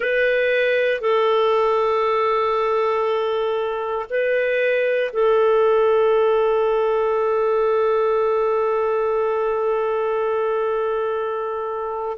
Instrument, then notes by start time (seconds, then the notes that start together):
clarinet
0.00 B4
1.00 A4
4.09 B4
5.12 A4